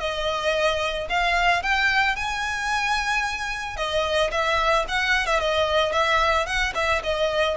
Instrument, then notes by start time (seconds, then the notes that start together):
violin
0.00 D#5
1.10 F5
1.63 G5
2.16 G#5
3.77 D#5
4.32 E5
4.88 F#5
5.27 E5
5.40 D#5
5.93 E5
6.46 F#5
6.75 E5
7.04 D#5